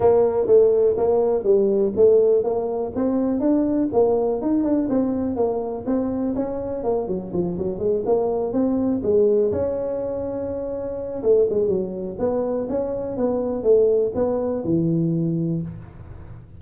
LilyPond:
\new Staff \with { instrumentName = "tuba" } { \time 4/4 \tempo 4 = 123 ais4 a4 ais4 g4 | a4 ais4 c'4 d'4 | ais4 dis'8 d'8 c'4 ais4 | c'4 cis'4 ais8 fis8 f8 fis8 |
gis8 ais4 c'4 gis4 cis'8~ | cis'2. a8 gis8 | fis4 b4 cis'4 b4 | a4 b4 e2 | }